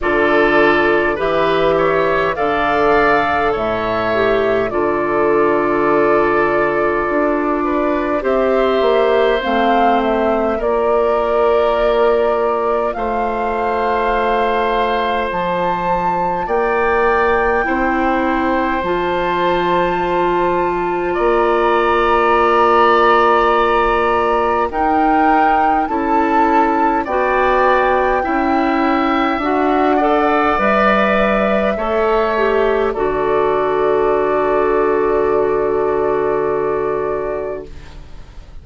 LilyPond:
<<
  \new Staff \with { instrumentName = "flute" } { \time 4/4 \tempo 4 = 51 d''4 e''4 f''4 e''4 | d''2. e''4 | f''8 e''8 d''2 f''4~ | f''4 a''4 g''2 |
a''2 ais''2~ | ais''4 g''4 a''4 g''4~ | g''4 fis''4 e''2 | d''1 | }
  \new Staff \with { instrumentName = "oboe" } { \time 4/4 a'4 b'8 cis''8 d''4 cis''4 | a'2~ a'8 b'8 c''4~ | c''4 ais'2 c''4~ | c''2 d''4 c''4~ |
c''2 d''2~ | d''4 ais'4 a'4 d''4 | e''4. d''4. cis''4 | a'1 | }
  \new Staff \with { instrumentName = "clarinet" } { \time 4/4 f'4 g'4 a'4. g'8 | f'2. g'4 | c'4 f'2.~ | f'2. e'4 |
f'1~ | f'4 dis'4 e'4 fis'4 | e'4 fis'8 a'8 b'4 a'8 g'8 | fis'1 | }
  \new Staff \with { instrumentName = "bassoon" } { \time 4/4 d4 e4 d4 a,4 | d2 d'4 c'8 ais8 | a4 ais2 a4~ | a4 f4 ais4 c'4 |
f2 ais2~ | ais4 dis'4 cis'4 b4 | cis'4 d'4 g4 a4 | d1 | }
>>